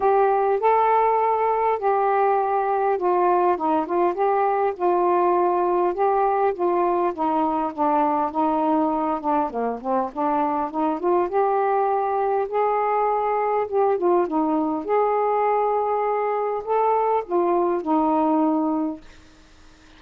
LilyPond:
\new Staff \with { instrumentName = "saxophone" } { \time 4/4 \tempo 4 = 101 g'4 a'2 g'4~ | g'4 f'4 dis'8 f'8 g'4 | f'2 g'4 f'4 | dis'4 d'4 dis'4. d'8 |
ais8 c'8 d'4 dis'8 f'8 g'4~ | g'4 gis'2 g'8 f'8 | dis'4 gis'2. | a'4 f'4 dis'2 | }